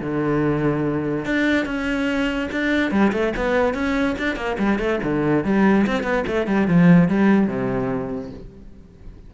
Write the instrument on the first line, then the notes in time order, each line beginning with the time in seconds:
cello
0.00 D3
1.25 D4
1.65 C#4
2.51 D4
2.91 G3
3.12 A3
3.36 B3
3.74 C#4
4.18 D4
4.35 A#3
4.58 G3
4.78 A3
5.03 D3
5.44 G3
5.87 C4
6.03 B3
6.27 A3
6.46 G3
6.67 F3
7.08 G3
7.47 C3